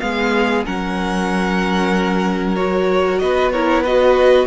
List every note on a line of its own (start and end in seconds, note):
0.00 0.66 G#3
0.00 0.65 B3
0.00 0.66 G#4
0.00 0.64 F5
0.66 3.21 F#3
0.66 2.57 C#4
0.66 3.21 A#4
0.66 2.56 F#5
2.56 3.53 F#4
2.56 3.19 C#5
3.19 4.47 B3
3.19 3.53 B4
3.19 3.51 D#5
3.51 3.86 E4
3.51 3.83 A#4
3.51 3.83 C#5
3.83 4.47 F#4
3.83 4.47 B4
3.83 4.47 D#5